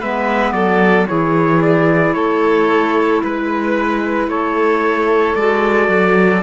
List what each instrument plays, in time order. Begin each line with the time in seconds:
0.00 cello G#3, clarinet B3, violin B4, trumpet E5
0.52 cello F#3, violin A4, trumpet D5
1.07 cello E3, clarinet E4, violin G#4, trumpet C#5
1.61 trumpet D5
2.14 cello A3, violin A4, trumpet C#5
3.23 cello G#3, violin B4, trumpet B4
4.27 cello A3, violin A4, trumpet C#5
5.35 cello G#3, clarinet F#4, trumpet D5
5.88 cello F#3